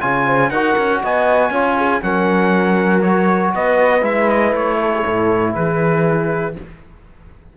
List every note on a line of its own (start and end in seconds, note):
0.00 0.50 C#3
0.00 0.51 F4
0.00 0.25 C#5
0.00 0.50 G#5
0.26 0.51 C5
0.50 0.75 D#4
0.50 1.53 F#4
0.50 1.02 A#4
0.50 1.00 F#5
0.77 1.03 C#4
1.03 1.50 B3
1.03 1.51 D#5
1.03 2.03 G#5
1.50 2.00 C#4
1.50 2.02 F4
1.50 1.76 C#5
1.77 2.02 G#4
2.02 3.54 F#3
2.02 3.02 C#4
2.02 3.55 A#4
2.02 3.02 F#5
3.02 4.01 F#4
3.02 3.52 C#5
3.55 4.02 B3
3.55 4.79 B4
3.55 4.04 D#5
4.01 4.52 G#3
4.01 6.53 E4
4.01 4.29 E5
4.29 4.54 D#5
4.52 5.02 A3
4.52 5.54 C#5
4.79 4.92 A4
4.94 5.04 G#4
5.04 5.55 A2
5.04 5.54 A4
5.54 6.56 E3
5.54 6.56 G#4
5.54 6.55 B4